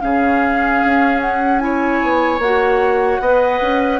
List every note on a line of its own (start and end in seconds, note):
0.00 0.82 C#3
0.00 1.59 C#4
0.00 1.64 G#4
0.00 1.21 F5
0.85 2.03 C#4
1.21 1.59 F#5
1.59 2.39 E4
1.59 3.22 C#5
1.59 2.39 G#5
2.03 2.39 B3
2.39 3.19 A#3
2.39 3.23 F#4
2.39 4.00 F#5
3.20 3.60 B3
3.20 4.00 B4
3.20 4.00 D#5
3.62 4.00 C#4